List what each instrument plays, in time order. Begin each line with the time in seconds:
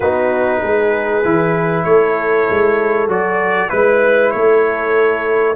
0.00 tuba B3, trombone D#4, horn F#4, trumpet B4
0.61 tuba G#3, horn G#4
1.24 tuba E3, trombone E4
1.84 tuba A3, horn A4, trumpet C#5
2.50 tuba G#3
3.07 tuba F#3, trombone F#4, trumpet D5
3.69 tuba G#3, trombone E4, trumpet B4, horn B4
4.30 tuba A3, horn A4, trumpet C#5